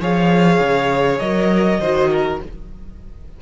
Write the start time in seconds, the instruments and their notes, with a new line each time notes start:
0.00 cello F3, viola G#4, violin C#5 F5
0.59 cello C#3
1.19 cello F#3, viola A#4, violin D#5
1.79 cello D#3, viola F#4, violin C5
2.10 violin A#4